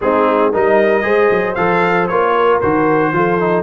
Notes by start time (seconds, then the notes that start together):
0.01 G#3 C4 D#4 G#4
0.51 G3 D#4 A#4 D#5
1.02 G#3 G#4 C5
1.30 F#3
1.54 F3 A4 F5
2.07 A#3 F4 C#5
2.34 A#4
2.61 D#3 F#4 C5
3.12 F3 F4 A4
3.39 D#4